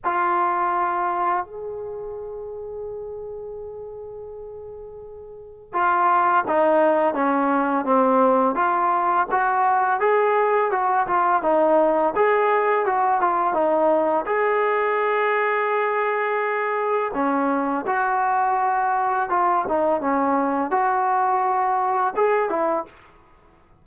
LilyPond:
\new Staff \with { instrumentName = "trombone" } { \time 4/4 \tempo 4 = 84 f'2 gis'2~ | gis'1 | f'4 dis'4 cis'4 c'4 | f'4 fis'4 gis'4 fis'8 f'8 |
dis'4 gis'4 fis'8 f'8 dis'4 | gis'1 | cis'4 fis'2 f'8 dis'8 | cis'4 fis'2 gis'8 e'8 | }